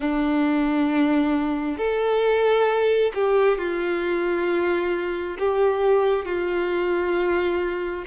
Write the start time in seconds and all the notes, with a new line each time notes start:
0.00 D4
1.77 A4
3.14 G4
3.58 F4
5.39 G4
6.25 F4